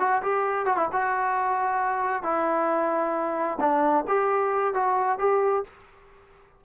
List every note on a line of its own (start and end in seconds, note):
0.00 0.23 F#4
0.23 0.66 G4
0.66 0.77 F#4
0.78 0.89 E4
0.93 2.24 F#4
2.24 3.59 E4
3.60 4.05 D4
4.08 4.75 G4
4.75 5.19 F#4
5.19 5.65 G4